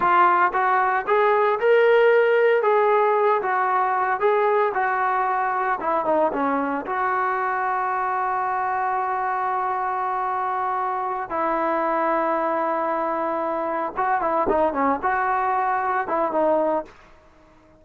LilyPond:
\new Staff \with { instrumentName = "trombone" } { \time 4/4 \tempo 4 = 114 f'4 fis'4 gis'4 ais'4~ | ais'4 gis'4. fis'4. | gis'4 fis'2 e'8 dis'8 | cis'4 fis'2.~ |
fis'1~ | fis'4. e'2~ e'8~ | e'2~ e'8 fis'8 e'8 dis'8 | cis'8 fis'2 e'8 dis'4 | }